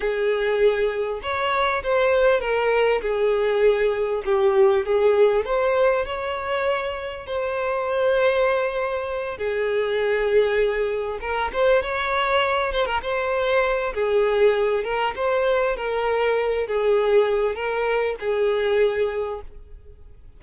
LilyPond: \new Staff \with { instrumentName = "violin" } { \time 4/4 \tempo 4 = 99 gis'2 cis''4 c''4 | ais'4 gis'2 g'4 | gis'4 c''4 cis''2 | c''2.~ c''8 gis'8~ |
gis'2~ gis'8 ais'8 c''8 cis''8~ | cis''4 c''16 ais'16 c''4. gis'4~ | gis'8 ais'8 c''4 ais'4. gis'8~ | gis'4 ais'4 gis'2 | }